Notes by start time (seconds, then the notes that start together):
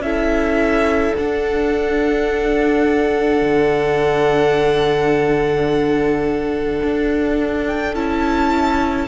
0.00 C#4 E4 A4 E5
1.17 D4 F#5
3.42 D3
6.83 D4
7.67 G5
7.95 C#4 E4 A5